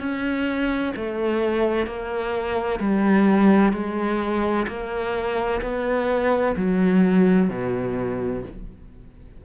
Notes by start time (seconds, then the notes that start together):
0.00 C#4
0.96 A3
1.87 A#3
2.80 G3
3.73 G#3
4.68 A#3
5.62 B3
6.57 F#3
7.50 B2